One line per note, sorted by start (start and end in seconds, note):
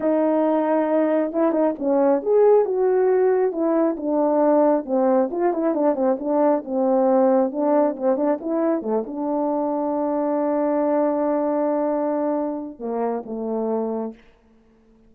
0.00 1.32 D#4
1.32 1.51 E4
1.51 1.73 D#4
1.78 2.22 C#4
2.22 2.65 G#4
2.65 3.52 F#4
3.52 3.96 E4
3.97 4.85 D4
4.85 5.29 C4
5.31 5.53 F4
5.53 5.74 E4
5.74 5.95 D4
5.95 6.17 C4
6.19 6.63 D4
6.65 7.51 C4
7.51 7.95 D4
7.96 8.16 C4
8.16 8.38 D4
8.40 8.82 E4
8.82 9.04 A3
9.06 12.79 D4
12.79 13.23 A#3
13.25 14.13 A3